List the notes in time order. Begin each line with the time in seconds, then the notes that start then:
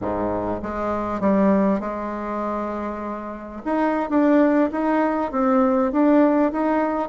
0.01 G#2
0.62 G#3
1.20 G3
1.80 G#3
3.65 D#4
4.09 D4
4.71 D#4
5.31 C4
5.91 D4
6.52 D#4